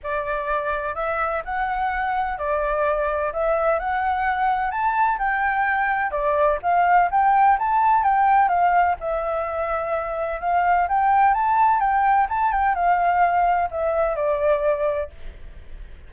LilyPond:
\new Staff \with { instrumentName = "flute" } { \time 4/4 \tempo 4 = 127 d''2 e''4 fis''4~ | fis''4 d''2 e''4 | fis''2 a''4 g''4~ | g''4 d''4 f''4 g''4 |
a''4 g''4 f''4 e''4~ | e''2 f''4 g''4 | a''4 g''4 a''8 g''8 f''4~ | f''4 e''4 d''2 | }